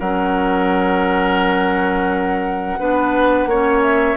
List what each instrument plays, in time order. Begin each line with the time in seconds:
0.00 bassoon F#3, clarinet C#4, oboe A#4, flute F#5
2.80 bassoon B3, clarinet D4, oboe B4
3.46 bassoon A#3, clarinet C#4, oboe C#5
3.83 flute E5